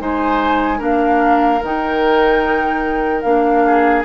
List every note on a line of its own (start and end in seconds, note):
0.00 0.81 G#3
0.00 0.79 D#4
0.00 0.79 C5
0.00 0.82 G#5
0.79 1.62 A#3
0.79 1.60 D4
0.79 3.62 A#4
0.79 1.64 F5
1.62 3.24 D#3
1.62 3.25 D#4
1.62 3.22 G5
3.22 4.05 A#3
3.22 4.05 D4
3.22 4.03 F5
3.66 4.05 G#4